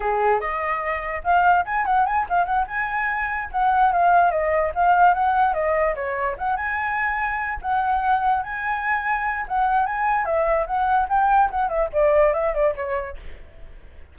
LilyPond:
\new Staff \with { instrumentName = "flute" } { \time 4/4 \tempo 4 = 146 gis'4 dis''2 f''4 | gis''8 fis''8 gis''8 f''8 fis''8 gis''4.~ | gis''8 fis''4 f''4 dis''4 f''8~ | f''8 fis''4 dis''4 cis''4 fis''8 |
gis''2~ gis''8 fis''4.~ | fis''8 gis''2~ gis''8 fis''4 | gis''4 e''4 fis''4 g''4 | fis''8 e''8 d''4 e''8 d''8 cis''4 | }